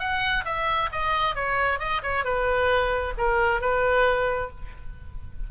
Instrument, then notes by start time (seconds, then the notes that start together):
oboe
0.00 F#5
0.45 E5
0.92 D#5
1.35 C#5
1.79 D#5
2.03 C#5
2.24 B4
3.18 A#4
3.61 B4